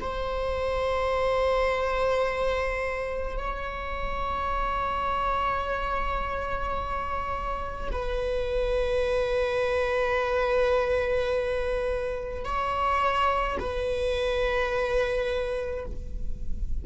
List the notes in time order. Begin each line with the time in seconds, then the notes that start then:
0.00 C5
3.38 C#5
7.91 B4
12.44 C#5
13.59 B4